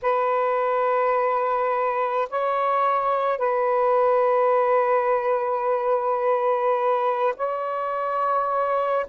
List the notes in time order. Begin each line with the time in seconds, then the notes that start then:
0.02 B4
2.29 C#5
3.38 B4
7.36 C#5